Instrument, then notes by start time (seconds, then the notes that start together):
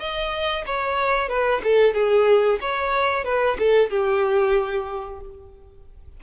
violin
0.00 D#5
0.66 C#5
1.29 B4
1.64 A4
1.94 G#4
2.61 C#5
3.25 B4
3.59 A4
3.90 G4